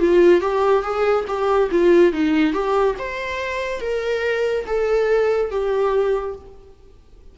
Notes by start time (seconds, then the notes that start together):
0.00 F4
0.41 G4
0.83 G#4
1.28 G4
1.71 F4
2.13 D#4
2.53 G4
2.98 C5
3.81 A#4
4.66 A4
5.50 G4